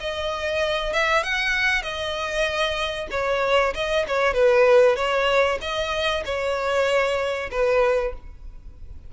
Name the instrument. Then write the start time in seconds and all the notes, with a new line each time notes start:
violin
0.00 D#5
0.93 E5
1.23 F#5
1.83 D#5
3.11 C#5
3.75 D#5
4.07 C#5
4.34 B4
4.96 C#5
5.61 D#5
6.25 C#5
7.51 B4